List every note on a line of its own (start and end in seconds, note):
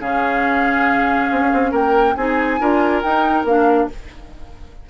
0.00 1.29 C#3
0.00 2.14 C#4
0.00 1.71 G#4
0.00 1.72 F5
1.31 1.40 C4
1.40 1.51 C#4
1.53 1.72 C4
1.71 2.15 A#3
1.71 2.14 A#4
1.71 2.16 G5
2.16 2.59 C4
2.16 2.60 D#4
2.16 2.60 G#4
2.16 3.01 G#5
2.60 3.03 D4
2.60 3.03 F4
2.60 3.89 A#4
3.02 3.44 D#4
3.02 3.47 D#4
3.02 3.45 G5
3.44 3.87 A#3
3.44 3.90 D4
3.44 3.90 F5